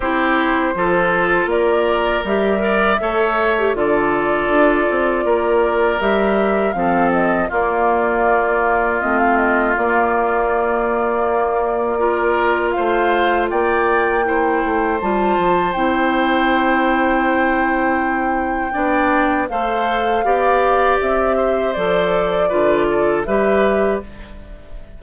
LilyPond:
<<
  \new Staff \with { instrumentName = "flute" } { \time 4/4 \tempo 4 = 80 c''2 d''4 e''4~ | e''4 d''2. | e''4 f''8 dis''8 d''2 | dis''16 f''16 dis''8 d''2.~ |
d''4 f''4 g''2 | a''4 g''2.~ | g''2 f''2 | e''4 d''2 e''4 | }
  \new Staff \with { instrumentName = "oboe" } { \time 4/4 g'4 a'4 ais'4. d''8 | cis''4 a'2 ais'4~ | ais'4 a'4 f'2~ | f'1 |
ais'4 c''4 d''4 c''4~ | c''1~ | c''4 d''4 c''4 d''4~ | d''8 c''4. b'8 a'8 b'4 | }
  \new Staff \with { instrumentName = "clarinet" } { \time 4/4 e'4 f'2 g'8 ais'8 | a'8. g'16 f'2. | g'4 c'4 ais2 | c'4 ais2. |
f'2. e'4 | f'4 e'2.~ | e'4 d'4 a'4 g'4~ | g'4 a'4 f'4 g'4 | }
  \new Staff \with { instrumentName = "bassoon" } { \time 4/4 c'4 f4 ais4 g4 | a4 d4 d'8 c'8 ais4 | g4 f4 ais2 | a4 ais2.~ |
ais4 a4 ais4. a8 | g8 f8 c'2.~ | c'4 b4 a4 b4 | c'4 f4 d4 g4 | }
>>